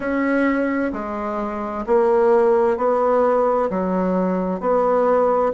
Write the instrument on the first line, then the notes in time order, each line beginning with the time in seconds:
bassoon
0.00 C#4
0.92 G#3
1.86 A#3
2.77 B3
3.70 F#3
4.60 B3